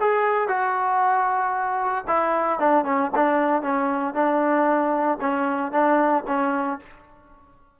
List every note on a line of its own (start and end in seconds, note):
0.00 0.48 G#4
0.48 2.05 F#4
2.08 2.60 E4
2.60 2.85 D4
2.85 3.11 C#4
3.16 3.63 D4
3.63 4.14 C#4
4.14 5.19 D4
5.21 5.72 C#4
5.72 6.24 D4
6.27 6.79 C#4